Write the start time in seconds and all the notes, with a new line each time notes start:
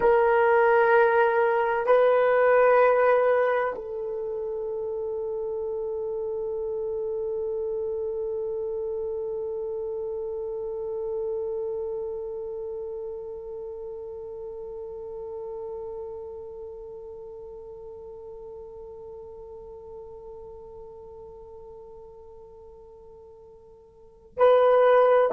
0.00 A#4
1.86 B4
3.75 A4
24.37 B4